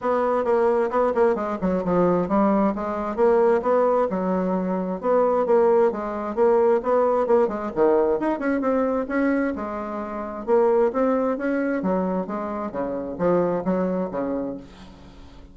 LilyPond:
\new Staff \with { instrumentName = "bassoon" } { \time 4/4 \tempo 4 = 132 b4 ais4 b8 ais8 gis8 fis8 | f4 g4 gis4 ais4 | b4 fis2 b4 | ais4 gis4 ais4 b4 |
ais8 gis8 dis4 dis'8 cis'8 c'4 | cis'4 gis2 ais4 | c'4 cis'4 fis4 gis4 | cis4 f4 fis4 cis4 | }